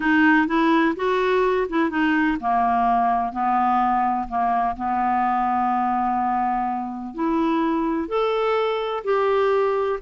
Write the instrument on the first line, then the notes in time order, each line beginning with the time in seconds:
clarinet
0.00 D#4
0.47 E4
0.96 F#4
1.69 E4
1.89 D#4
2.40 A#3
3.32 B3
4.28 A#3
4.76 B3
7.14 E4
8.08 A4
9.04 G4